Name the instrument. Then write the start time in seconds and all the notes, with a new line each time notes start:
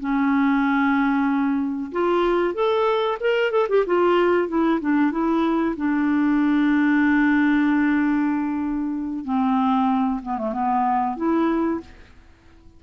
clarinet
0.00 C#4
1.92 F4
2.54 A4
3.21 A#4
3.52 A4
3.69 G4
3.86 F4
4.48 E4
4.81 D4
5.12 E4
5.77 D4
9.25 C4
10.23 B3
10.38 A3
10.53 B3
11.17 E4